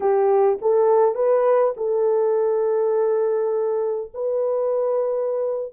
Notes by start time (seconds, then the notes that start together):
0.00 G4
0.61 A4
1.14 B4
1.76 A4
4.13 B4